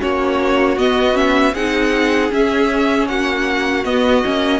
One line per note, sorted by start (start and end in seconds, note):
0.00 0.77 A#3
0.00 0.77 C#4
0.00 1.54 F#4
0.00 0.78 C#5
0.77 1.54 B3
0.77 1.13 B3
0.77 1.16 D#5
1.13 1.52 C#4
1.13 1.54 E5
1.54 2.31 C4
1.54 2.31 D#4
1.54 3.08 G#4
1.54 2.31 F#5
2.31 3.84 C#4
2.31 3.08 C#4
2.31 3.08 E5
3.08 3.84 A#3
3.08 4.59 F#4
3.08 3.84 F#5
3.84 4.23 B3
3.84 4.59 D#5
4.24 4.59 A#3
4.24 4.59 C#4